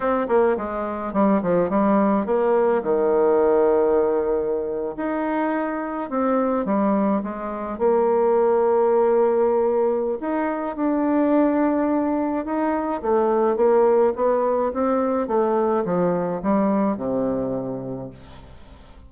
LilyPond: \new Staff \with { instrumentName = "bassoon" } { \time 4/4 \tempo 4 = 106 c'8 ais8 gis4 g8 f8 g4 | ais4 dis2.~ | dis8. dis'2 c'4 g16~ | g8. gis4 ais2~ ais16~ |
ais2 dis'4 d'4~ | d'2 dis'4 a4 | ais4 b4 c'4 a4 | f4 g4 c2 | }